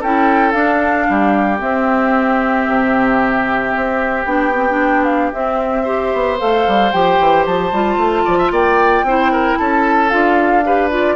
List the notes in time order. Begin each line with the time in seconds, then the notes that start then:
0.00 C#4 E4 A4 G5
0.52 D4 F5
1.09 G3 G4
1.59 C4 E5
2.68 C3
3.76 C4
4.26 B3 D4 G5
4.55 C4
4.70 D4
5.04 F5
5.33 C4 E5
5.83 G4 C5
6.14 B3
6.38 A3 A4 F5
6.67 G3
6.92 F3 G4 G5
7.20 E3
7.46 F3 A5
7.72 G3 F4
7.97 A3
8.25 F3 D5
8.38 E5
8.51 A#3 D5 G5
9.03 C4 E4 C5
9.32 A#4
9.58 C#4 A4 A5
10.10 D4 F4 F5
10.65 G4 B4
10.90 F4 D5